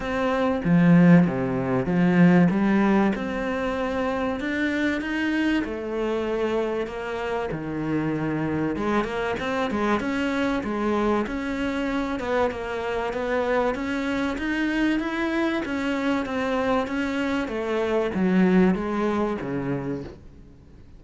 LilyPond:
\new Staff \with { instrumentName = "cello" } { \time 4/4 \tempo 4 = 96 c'4 f4 c4 f4 | g4 c'2 d'4 | dis'4 a2 ais4 | dis2 gis8 ais8 c'8 gis8 |
cis'4 gis4 cis'4. b8 | ais4 b4 cis'4 dis'4 | e'4 cis'4 c'4 cis'4 | a4 fis4 gis4 cis4 | }